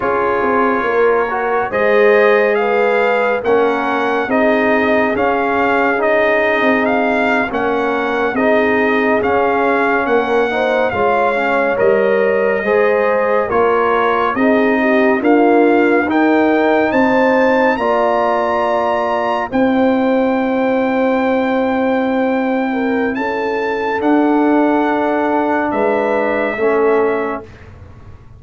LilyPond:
<<
  \new Staff \with { instrumentName = "trumpet" } { \time 4/4 \tempo 4 = 70 cis''2 dis''4 f''4 | fis''4 dis''4 f''4 dis''4 | f''8. fis''4 dis''4 f''4 fis''16~ | fis''8. f''4 dis''2 cis''16~ |
cis''8. dis''4 f''4 g''4 a''16~ | a''8. ais''2 g''4~ g''16~ | g''2. a''4 | fis''2 e''2 | }
  \new Staff \with { instrumentName = "horn" } { \time 4/4 gis'4 ais'4 c''4 b'4 | ais'4 gis'2.~ | gis'8. ais'4 gis'2 ais'16~ | ais'16 c''8 cis''2 c''4 ais'16~ |
ais'8. gis'8 g'8 f'4 ais'4 c''16~ | c''8. d''2 c''4~ c''16~ | c''2~ c''8 ais'8 a'4~ | a'2 b'4 a'4 | }
  \new Staff \with { instrumentName = "trombone" } { \time 4/4 f'4. fis'8 gis'2 | cis'4 dis'4 cis'4 dis'4~ | dis'8. cis'4 dis'4 cis'4~ cis'16~ | cis'16 dis'8 f'8 cis'8 ais'4 gis'4 f'16~ |
f'8. dis'4 ais4 dis'4~ dis'16~ | dis'8. f'2 e'4~ e'16~ | e'1 | d'2. cis'4 | }
  \new Staff \with { instrumentName = "tuba" } { \time 4/4 cis'8 c'8 ais4 gis2 | ais4 c'4 cis'4.~ cis'16 c'16~ | c'8. ais4 c'4 cis'4 ais16~ | ais8. gis4 g4 gis4 ais16~ |
ais8. c'4 d'4 dis'4 c'16~ | c'8. ais2 c'4~ c'16~ | c'2. cis'4 | d'2 gis4 a4 | }
>>